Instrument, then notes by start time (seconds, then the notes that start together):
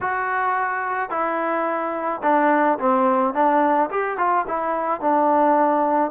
trombone
0.01 F#4
1.10 E4
2.22 D4
2.78 C4
3.34 D4
3.90 G4
4.17 F4
4.47 E4
5.00 D4